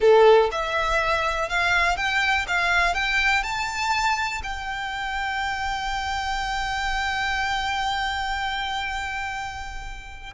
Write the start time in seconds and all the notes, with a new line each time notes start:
0.00 A4
0.51 E5
1.49 F5
1.96 G5
2.47 F5
2.94 G5
3.43 A5
4.43 G5